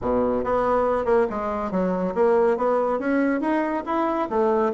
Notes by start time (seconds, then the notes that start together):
0.01 B2
0.44 B3
1.05 A#3
1.29 G#3
1.71 F#3
2.14 A#3
2.57 B3
2.99 C#4
3.40 D#4
3.86 E4
4.29 A3